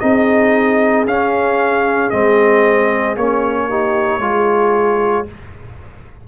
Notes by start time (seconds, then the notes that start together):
0.00 C4 D#4 G#4 D#5
1.05 C#4 F5
2.10 G#3 C4 D#5
3.16 A#3 C#4 C#5
3.68 D#4 G4
4.19 G#3 F4 G#4